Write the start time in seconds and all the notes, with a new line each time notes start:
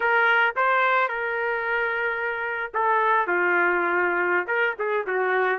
0.00 A#4
0.56 C5
1.08 A#4
2.73 A4
3.27 F4
4.47 A#4
4.78 G#4
5.07 F#4